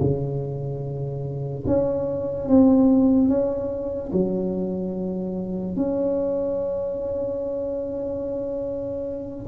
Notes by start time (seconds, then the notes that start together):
0.00 C#3
1.66 C#4
2.48 C4
3.28 C#4
4.12 F#3
5.76 C#4